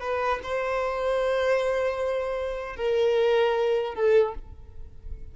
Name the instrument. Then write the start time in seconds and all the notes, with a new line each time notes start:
violin
0.00 B4
0.43 C5
2.76 A#4
3.94 A4